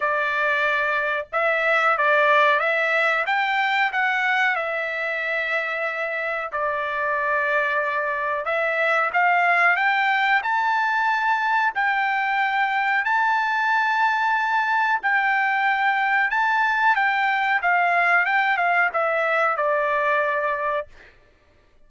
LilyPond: \new Staff \with { instrumentName = "trumpet" } { \time 4/4 \tempo 4 = 92 d''2 e''4 d''4 | e''4 g''4 fis''4 e''4~ | e''2 d''2~ | d''4 e''4 f''4 g''4 |
a''2 g''2 | a''2. g''4~ | g''4 a''4 g''4 f''4 | g''8 f''8 e''4 d''2 | }